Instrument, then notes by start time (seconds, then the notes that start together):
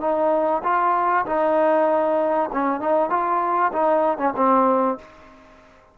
trombone
0.00 D#4
0.63 F4
1.26 D#4
2.52 C#4
2.80 D#4
3.10 F4
3.72 D#4
4.18 C#4
4.36 C4